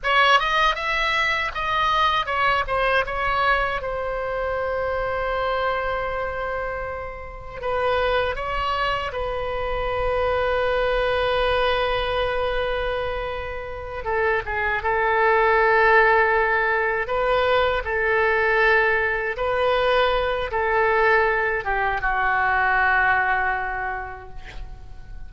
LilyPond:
\new Staff \with { instrumentName = "oboe" } { \time 4/4 \tempo 4 = 79 cis''8 dis''8 e''4 dis''4 cis''8 c''8 | cis''4 c''2.~ | c''2 b'4 cis''4 | b'1~ |
b'2~ b'8 a'8 gis'8 a'8~ | a'2~ a'8 b'4 a'8~ | a'4. b'4. a'4~ | a'8 g'8 fis'2. | }